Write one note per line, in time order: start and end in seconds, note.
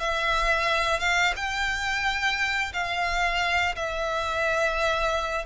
0.00 0.99 E5
0.99 1.34 F5
1.36 2.72 G5
2.73 3.75 F5
3.76 5.45 E5